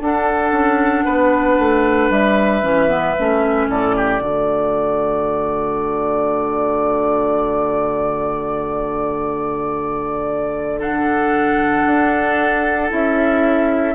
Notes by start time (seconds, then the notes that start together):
0.00 D4 A4 F#5
0.52 C#4
1.05 B3 B4
1.59 A3
2.10 G3 E5
2.62 E3 C#4
2.89 B3
3.19 A3 C#4
3.68 A2 A4 D5
3.96 G4
4.21 D3 A3 F#4
10.79 D4 A4 F#5
11.86 D4
12.89 C#4 E4 E5